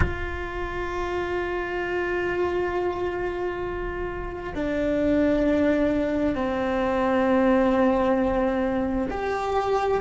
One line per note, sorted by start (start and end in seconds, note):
0.00 4.52 F4
4.55 6.35 D4
6.35 9.07 C4
9.10 10.00 G4